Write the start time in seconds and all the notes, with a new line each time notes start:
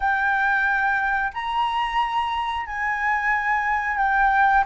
0.00 G5
1.33 A#5
2.66 G#5
3.97 G5